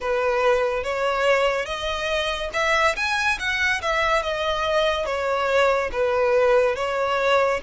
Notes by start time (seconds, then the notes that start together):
0.00 B4
0.83 C#5
1.65 D#5
2.53 E5
2.96 G#5
3.39 F#5
3.81 E5
4.22 D#5
5.05 C#5
5.92 B4
6.75 C#5